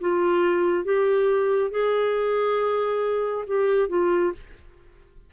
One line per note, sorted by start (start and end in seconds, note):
0.00 0.84 F4
0.84 1.71 G4
1.71 3.45 G#4
3.47 3.89 G4
3.89 4.32 F4